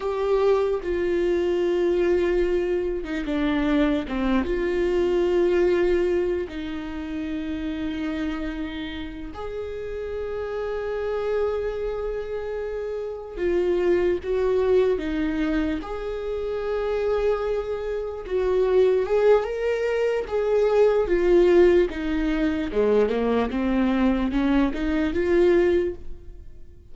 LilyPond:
\new Staff \with { instrumentName = "viola" } { \time 4/4 \tempo 4 = 74 g'4 f'2~ f'8. dis'16 | d'4 c'8 f'2~ f'8 | dis'2.~ dis'8 gis'8~ | gis'1~ |
gis'8 f'4 fis'4 dis'4 gis'8~ | gis'2~ gis'8 fis'4 gis'8 | ais'4 gis'4 f'4 dis'4 | gis8 ais8 c'4 cis'8 dis'8 f'4 | }